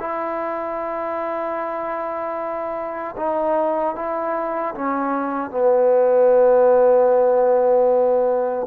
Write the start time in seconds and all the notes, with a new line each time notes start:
0.00 E4
3.17 D#4
3.96 E4
4.75 C#4
5.51 B3